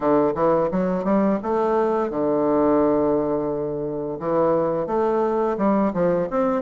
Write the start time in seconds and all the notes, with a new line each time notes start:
0.00 D3
0.35 E3
0.71 F#3
1.04 G3
1.43 A3
2.10 D3
4.19 E3
4.86 A3
5.57 G3
5.93 F3
6.30 C4